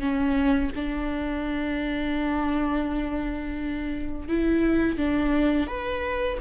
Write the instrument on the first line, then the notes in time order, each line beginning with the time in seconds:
viola
0.00 C#4
0.76 D4
4.28 E4
4.98 D4
5.67 B4